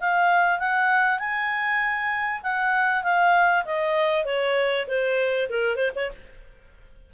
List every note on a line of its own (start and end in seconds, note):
0.00 0.59 F5
0.59 1.19 F#5
1.19 2.41 G#5
2.43 3.03 F#5
3.03 3.65 F5
3.65 4.25 D#5
4.25 4.86 C#5
4.87 5.48 C5
5.49 5.76 A#4
5.76 5.91 C5
5.95 6.11 C#5